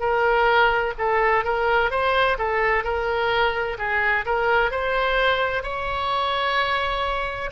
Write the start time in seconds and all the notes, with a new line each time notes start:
0.00 A#4
0.98 A4
1.44 A#4
1.90 C5
2.38 A4
2.84 A#4
3.78 G#4
4.26 A#4
4.71 C5
5.63 C#5